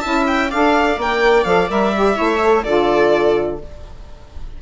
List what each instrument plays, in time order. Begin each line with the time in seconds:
0.00 bassoon C#4, saxophone E4, viola E5, violin A5
0.27 violin G5
0.50 bassoon D4, saxophone A4, viola D5, violin F5
0.97 bassoon A#3, saxophone A#4, violin G5
1.44 bassoon F3, saxophone A4, violin F5
1.69 bassoon G3, saxophone A#4, violin E5
1.96 saxophone G4
2.14 bassoon A3, saxophone E4, viola C#5
2.43 saxophone A4
2.64 bassoon D3, saxophone F4, viola A4, violin D5